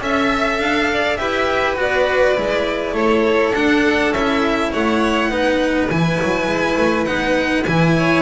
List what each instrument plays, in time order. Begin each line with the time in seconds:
0.00 double bass C#4, cello A4, violin E5
0.59 double bass D4, violin F5
0.92 violin D5
1.17 double bass E4, cello G4, violin B4 E5
1.77 double bass B3, cello F#4, violin D5
2.35 double bass G#3, cello E4
2.93 double bass A3, violin A4 C#5
3.55 double bass D4, cello D4, violin F#5
4.12 double bass C#4, violin E5
4.18 cello E4
4.72 double bass A3, violin C#5 F#5
5.30 double bass B3, cello D#4, violin B4
5.90 double bass E3, cello E4, violin G#5
6.22 double bass F#3
6.47 double bass G#3
6.77 double bass A3
7.05 double bass B3, cello D#4, violin F#5
7.66 double bass E3, cello E4, violin G#5
7.98 violin C#5